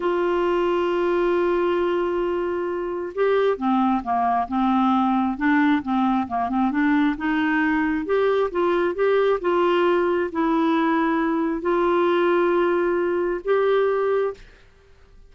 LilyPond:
\new Staff \with { instrumentName = "clarinet" } { \time 4/4 \tempo 4 = 134 f'1~ | f'2. g'4 | c'4 ais4 c'2 | d'4 c'4 ais8 c'8 d'4 |
dis'2 g'4 f'4 | g'4 f'2 e'4~ | e'2 f'2~ | f'2 g'2 | }